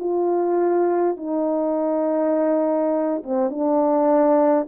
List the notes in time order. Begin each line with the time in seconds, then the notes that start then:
0.00 F4
1.17 D#4
3.24 C4
3.50 D4